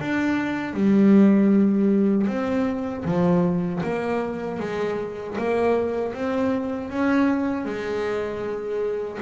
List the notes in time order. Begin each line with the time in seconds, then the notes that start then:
0.00 D4
0.74 G3
2.28 C4
3.05 F3
3.84 A#3
4.60 G#3
5.38 A#3
6.14 C4
6.90 C#4
7.65 G#3